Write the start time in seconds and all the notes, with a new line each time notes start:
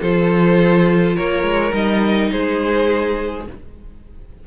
0.00 F3 F4 A4 C5
1.15 A#3 A#4 C#5
1.43 G#3
1.71 G3 D#4 D#5
2.31 G#3 G#4 C5